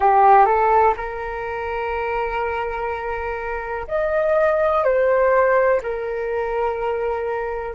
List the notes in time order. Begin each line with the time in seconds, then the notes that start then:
0.00 G4
0.45 A4
0.97 A#4
3.87 D#5
4.84 C5
5.82 A#4